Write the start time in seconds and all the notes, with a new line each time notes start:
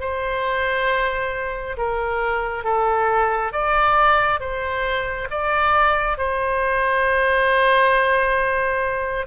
0.00 C5
1.77 A#4
2.64 A4
3.53 D5
4.40 C5
5.30 D5
6.18 C5